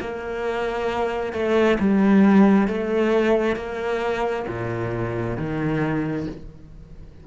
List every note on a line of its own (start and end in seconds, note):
0.00 1.33 A#3
1.33 1.78 A3
1.80 2.68 G3
2.68 3.56 A3
3.56 4.45 A#3
4.48 5.37 A#2
5.37 6.27 D#3